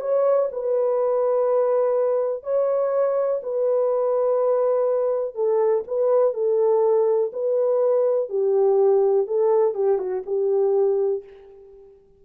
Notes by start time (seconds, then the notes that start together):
0.00 C#5
0.52 B4
2.43 C#5
3.42 B4
5.35 A4
5.87 B4
6.33 A4
7.33 B4
8.29 G4
9.27 A4
9.74 G4
9.98 F#4
10.25 G4